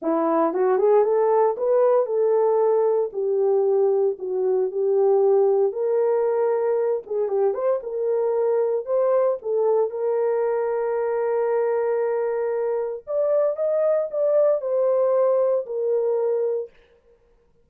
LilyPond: \new Staff \with { instrumentName = "horn" } { \time 4/4 \tempo 4 = 115 e'4 fis'8 gis'8 a'4 b'4 | a'2 g'2 | fis'4 g'2 ais'4~ | ais'4. gis'8 g'8 c''8 ais'4~ |
ais'4 c''4 a'4 ais'4~ | ais'1~ | ais'4 d''4 dis''4 d''4 | c''2 ais'2 | }